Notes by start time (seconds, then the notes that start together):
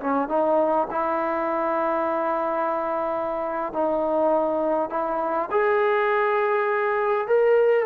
0.00 C#4
0.28 D#4
0.90 E4
3.73 D#4
4.90 E4
5.51 G#4
7.27 A#4